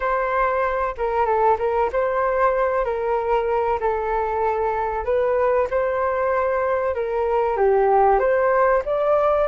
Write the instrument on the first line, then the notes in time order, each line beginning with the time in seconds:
flute
0.00 C5
0.97 A#4
1.25 A4
1.58 A#4
1.92 C5
2.84 A#4
3.80 A4
5.04 B4
5.70 C5
6.94 A#4
7.56 G4
8.19 C5
8.85 D5